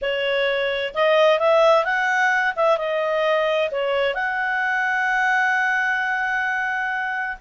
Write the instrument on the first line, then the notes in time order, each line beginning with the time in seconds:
clarinet
0.01 C#5
0.94 D#5
1.39 E5
1.84 F#5
2.56 E5
2.77 D#5
3.71 C#5
4.14 F#5